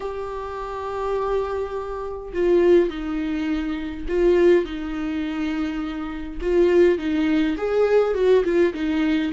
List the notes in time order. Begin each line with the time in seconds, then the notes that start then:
0.00 G4
2.33 F4
2.89 D#4
4.08 F4
4.65 D#4
6.41 F4
6.98 D#4
7.57 G#4
8.14 F#4
8.44 F4
8.73 D#4